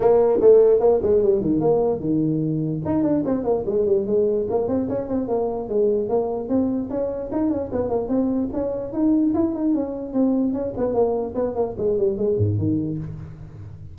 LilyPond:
\new Staff \with { instrumentName = "tuba" } { \time 4/4 \tempo 4 = 148 ais4 a4 ais8 gis8 g8 dis8 | ais4 dis2 dis'8 d'8 | c'8 ais8 gis8 g8 gis4 ais8 c'8 | cis'8 c'8 ais4 gis4 ais4 |
c'4 cis'4 dis'8 cis'8 b8 ais8 | c'4 cis'4 dis'4 e'8 dis'8 | cis'4 c'4 cis'8 b8 ais4 | b8 ais8 gis8 g8 gis8 gis,8 dis4 | }